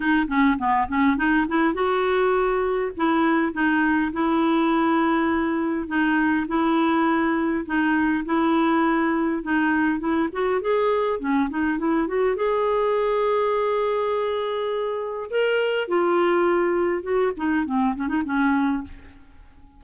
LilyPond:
\new Staff \with { instrumentName = "clarinet" } { \time 4/4 \tempo 4 = 102 dis'8 cis'8 b8 cis'8 dis'8 e'8 fis'4~ | fis'4 e'4 dis'4 e'4~ | e'2 dis'4 e'4~ | e'4 dis'4 e'2 |
dis'4 e'8 fis'8 gis'4 cis'8 dis'8 | e'8 fis'8 gis'2.~ | gis'2 ais'4 f'4~ | f'4 fis'8 dis'8 c'8 cis'16 dis'16 cis'4 | }